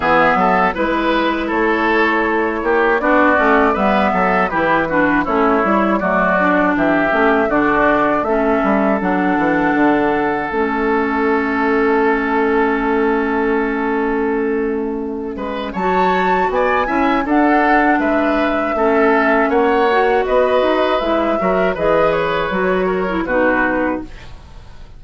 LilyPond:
<<
  \new Staff \with { instrumentName = "flute" } { \time 4/4 \tempo 4 = 80 e''4 b'4 cis''2 | d''4 e''4 b'4 cis''4 | d''4 e''4 d''4 e''4 | fis''2 e''2~ |
e''1~ | e''4 a''4 gis''4 fis''4 | e''2 fis''4 dis''4 | e''4 dis''8 cis''4. b'4 | }
  \new Staff \with { instrumentName = "oboe" } { \time 4/4 gis'8 a'8 b'4 a'4. g'8 | fis'4 b'8 a'8 g'8 fis'8 e'4 | fis'4 g'4 fis'4 a'4~ | a'1~ |
a'1~ | a'8 b'8 cis''4 d''8 e''8 a'4 | b'4 a'4 cis''4 b'4~ | b'8 ais'8 b'4. ais'8 fis'4 | }
  \new Staff \with { instrumentName = "clarinet" } { \time 4/4 b4 e'2. | d'8 cis'8 b4 e'8 d'8 cis'8 e'8 | a8 d'4 cis'8 d'4 cis'4 | d'2 cis'2~ |
cis'1~ | cis'4 fis'4. e'8 d'4~ | d'4 cis'4. fis'4. | e'8 fis'8 gis'4 fis'8. e'16 dis'4 | }
  \new Staff \with { instrumentName = "bassoon" } { \time 4/4 e8 fis8 gis4 a4. ais8 | b8 a8 g8 fis8 e4 a8 g8 | fis4 e8 a8 d4 a8 g8 | fis8 e8 d4 a2~ |
a1~ | a8 gis8 fis4 b8 cis'8 d'4 | gis4 a4 ais4 b8 dis'8 | gis8 fis8 e4 fis4 b,4 | }
>>